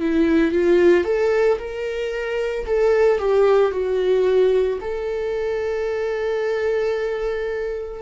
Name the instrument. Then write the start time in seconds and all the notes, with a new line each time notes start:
viola
0.00 E4
0.52 F4
1.04 A4
1.58 A#4
2.66 A4
3.19 G4
3.72 F#4
4.81 A4